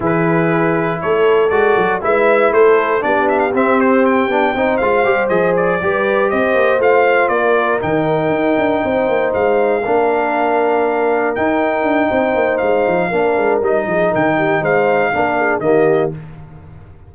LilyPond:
<<
  \new Staff \with { instrumentName = "trumpet" } { \time 4/4 \tempo 4 = 119 b'2 cis''4 d''4 | e''4 c''4 d''8 e''16 f''16 e''8 c''8 | g''4. f''4 dis''8 d''4~ | d''8 dis''4 f''4 d''4 g''8~ |
g''2~ g''8 f''4.~ | f''2~ f''8 g''4.~ | g''4 f''2 dis''4 | g''4 f''2 dis''4 | }
  \new Staff \with { instrumentName = "horn" } { \time 4/4 gis'2 a'2 | b'4 a'4 g'2~ | g'4 c''2~ c''8 b'8~ | b'8 c''2 ais'4.~ |
ais'4. c''2 ais'8~ | ais'1 | c''2 ais'4. gis'8 | ais'8 g'8 c''4 ais'8 gis'8 g'4 | }
  \new Staff \with { instrumentName = "trombone" } { \time 4/4 e'2. fis'4 | e'2 d'4 c'4~ | c'8 d'8 dis'8 f'8 g'8 gis'4 g'8~ | g'4. f'2 dis'8~ |
dis'2.~ dis'8 d'8~ | d'2~ d'8 dis'4.~ | dis'2 d'4 dis'4~ | dis'2 d'4 ais4 | }
  \new Staff \with { instrumentName = "tuba" } { \time 4/4 e2 a4 gis8 fis8 | gis4 a4 b4 c'4~ | c'8 b8 c'8 gis8 g8 f4 g8~ | g8 c'8 ais8 a4 ais4 dis8~ |
dis8 dis'8 d'8 c'8 ais8 gis4 ais8~ | ais2~ ais8 dis'4 d'8 | c'8 ais8 gis8 f8 ais8 gis8 g8 f8 | dis4 gis4 ais4 dis4 | }
>>